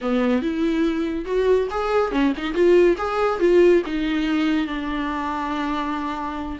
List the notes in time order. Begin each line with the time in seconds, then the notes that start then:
0.01 B3
0.41 E4
1.25 F#4
1.70 G#4
2.11 C#4
2.37 D#4
2.54 F4
2.97 G#4
3.39 F4
3.85 D#4
4.67 D4